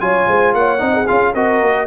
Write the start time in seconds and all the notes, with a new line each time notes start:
0.00 F#3 F4 C#5 G#5
0.27 G#3 C5
0.53 A#3 C#5 F#5
0.78 C4 D#4 D#5
0.94 G#4
1.07 C#4 F4 F5
1.33 C4 F#4 A#4 D#5
1.61 A#3